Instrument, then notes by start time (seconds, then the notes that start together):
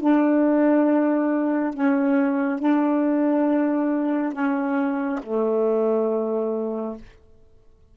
saxophone
0.00 D4
1.74 C#4
2.59 D4
4.32 C#4
5.23 A3